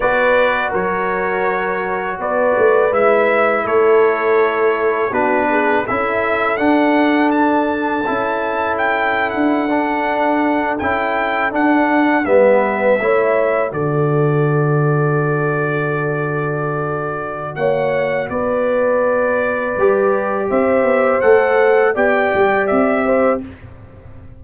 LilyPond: <<
  \new Staff \with { instrumentName = "trumpet" } { \time 4/4 \tempo 4 = 82 d''4 cis''2 d''4 | e''4 cis''2 b'4 | e''4 fis''4 a''2 | g''8. fis''2 g''4 fis''16~ |
fis''8. e''2 d''4~ d''16~ | d''1 | fis''4 d''2. | e''4 fis''4 g''4 e''4 | }
  \new Staff \with { instrumentName = "horn" } { \time 4/4 b'4 ais'2 b'4~ | b'4 a'2 fis'8 gis'8 | a'1~ | a'1~ |
a'8. b'4 cis''4 a'4~ a'16~ | a'1 | cis''4 b'2. | c''2 d''4. c''8 | }
  \new Staff \with { instrumentName = "trombone" } { \time 4/4 fis'1 | e'2. d'4 | e'4 d'2 e'4~ | e'4~ e'16 d'4. e'4 d'16~ |
d'8. b4 e'4 fis'4~ fis'16~ | fis'1~ | fis'2. g'4~ | g'4 a'4 g'2 | }
  \new Staff \with { instrumentName = "tuba" } { \time 4/4 b4 fis2 b8 a8 | gis4 a2 b4 | cis'4 d'2 cis'4~ | cis'8. d'2 cis'4 d'16~ |
d'8. g4 a4 d4~ d16~ | d1 | ais4 b2 g4 | c'8 b8 a4 b8 g8 c'4 | }
>>